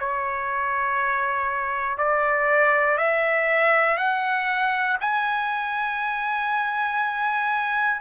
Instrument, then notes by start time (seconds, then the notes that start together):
trumpet
0.00 C#5
1.98 D5
2.98 E5
3.97 F#5
5.00 G#5